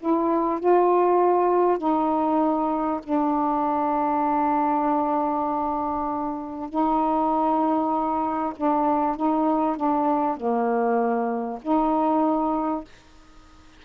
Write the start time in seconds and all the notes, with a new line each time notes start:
0.00 E4
0.60 F4
1.78 D#4
3.04 D4
6.70 D#4
8.57 D4
9.16 D#4
9.77 D4
10.37 A#3
11.62 D#4